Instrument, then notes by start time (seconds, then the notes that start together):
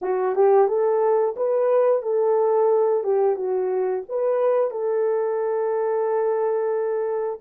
horn
0.01 F#4
0.35 G4
0.67 A4
1.36 B4
2.02 A4
3.03 G4
3.36 F#4
4.08 B4
4.70 A4